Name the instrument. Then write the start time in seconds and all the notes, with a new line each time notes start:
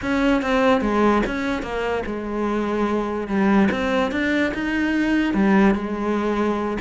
cello
0.02 C#4
0.41 C4
0.81 G#3
1.26 C#4
1.62 A#3
2.06 G#3
3.27 G3
3.71 C4
4.11 D4
4.54 D#4
5.33 G3
5.74 G#3